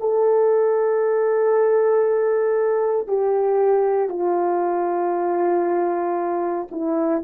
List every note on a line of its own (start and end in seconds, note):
0.00 3.08 A4
3.08 4.09 G4
4.09 6.68 F4
6.71 7.23 E4